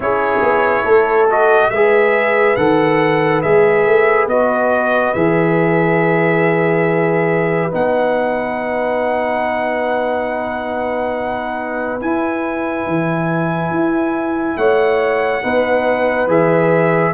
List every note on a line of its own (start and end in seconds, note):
0.00 0.39 C#4
0.00 1.28 E4
0.00 0.84 G#4
0.00 1.30 C#5
0.42 0.84 B3
0.84 1.69 A3
0.84 1.70 A4
1.30 1.72 F#4
1.30 1.70 D#5
1.70 2.56 G#3
1.70 2.57 G#4
1.70 14.57 B4
1.70 2.56 E5
2.56 3.43 D#3
2.56 3.43 A4
2.56 3.41 F#5
3.41 3.86 G#3
3.41 4.29 G#4
3.41 4.27 E5
3.86 4.26 A3
4.26 5.12 B3
4.26 5.15 F#4
4.26 5.14 D#5
5.14 7.72 E3
5.14 7.71 G#4
5.14 7.71 E5
7.71 12.01 B3
7.71 11.99 D#4
7.71 12.01 F#5
12.00 15.42 E4
12.00 12.86 E4
12.00 14.57 G#5
12.86 13.70 E3
13.70 14.56 E4
14.56 15.42 A3
14.56 15.43 C#5
14.56 16.28 F#5
15.42 16.27 B3
15.42 16.28 D#4
15.42 17.13 B4
16.27 17.12 E3
16.27 17.13 G#4
16.27 17.13 E5